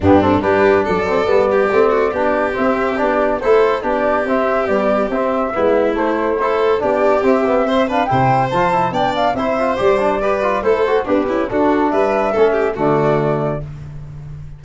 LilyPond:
<<
  \new Staff \with { instrumentName = "flute" } { \time 4/4 \tempo 4 = 141 g'8 a'8 b'4 d''2~ | d''2 e''4 d''4 | c''4 d''4 e''4 d''4 | e''2 c''2 |
d''4 e''4. f''8 g''4 | a''4 g''8 f''8 e''4 d''4~ | d''4 c''4 b'4 a'4 | e''2 d''2 | }
  \new Staff \with { instrumentName = "violin" } { \time 4/4 d'4 g'4 a'4. g'8~ | g'8 fis'8 g'2. | a'4 g'2.~ | g'4 e'2 a'4 |
g'2 c''8 b'8 c''4~ | c''4 d''4 c''2 | b'4 a'4 d'8 e'8 fis'4 | b'4 a'8 g'8 fis'2 | }
  \new Staff \with { instrumentName = "trombone" } { \time 4/4 b8 c'8 d'4. c'8 b4 | c'4 d'4 c'4 d'4 | e'4 d'4 c'4 g4 | c'4 b4 a4 e'4 |
d'4 c'8 b8 c'8 d'8 e'4 | f'8 e'8 d'4 e'8 f'8 g'8 d'8 | g'8 f'8 e'8 fis'8 g'4 d'4~ | d'4 cis'4 a2 | }
  \new Staff \with { instrumentName = "tuba" } { \time 4/4 g,4 g4 fis4 g4 | a4 b4 c'4 b4 | a4 b4 c'4 b4 | c'4 gis4 a2 |
b4 c'2 c4 | f4 b4 c'4 g4~ | g4 a4 b8 cis'8 d'4 | g4 a4 d2 | }
>>